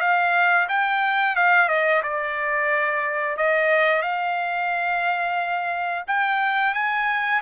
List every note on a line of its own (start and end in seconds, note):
0.00 0.67 F5
0.68 1.35 G5
1.35 1.68 F5
1.68 2.02 D#5
2.03 3.36 D5
3.36 4.02 D#5
4.02 6.04 F5
6.07 6.74 G5
6.74 7.41 G#5